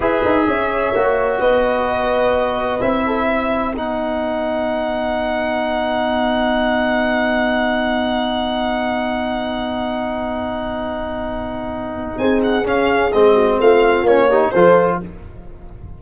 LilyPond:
<<
  \new Staff \with { instrumentName = "violin" } { \time 4/4 \tempo 4 = 128 e''2. dis''4~ | dis''2 e''2 | fis''1~ | fis''1~ |
fis''1~ | fis''1~ | fis''2 gis''8 fis''8 f''4 | dis''4 f''4 cis''4 c''4 | }
  \new Staff \with { instrumentName = "horn" } { \time 4/4 b'4 cis''2 b'4~ | b'2~ b'8 a'8 b'4~ | b'1~ | b'1~ |
b'1~ | b'1~ | b'2 gis'2~ | gis'8 fis'8 f'4. g'8 a'4 | }
  \new Staff \with { instrumentName = "trombone" } { \time 4/4 gis'2 fis'2~ | fis'2 e'2 | dis'1~ | dis'1~ |
dis'1~ | dis'1~ | dis'2. cis'4 | c'2 cis'8 dis'8 f'4 | }
  \new Staff \with { instrumentName = "tuba" } { \time 4/4 e'8 dis'8 cis'4 ais4 b4~ | b2 c'2 | b1~ | b1~ |
b1~ | b1~ | b2 c'4 cis'4 | gis4 a4 ais4 f4 | }
>>